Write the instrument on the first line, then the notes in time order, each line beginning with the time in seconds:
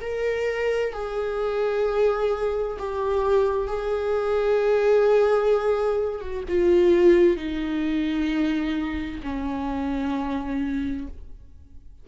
viola
0.00 A#4
0.92 G#4
2.78 G4
3.67 G#4
6.20 F#4
6.48 F4
7.36 D#4
9.22 C#4